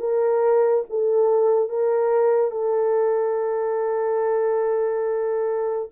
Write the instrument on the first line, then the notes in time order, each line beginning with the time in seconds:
horn
0.00 A#4
0.90 A4
1.69 A#4
2.51 A4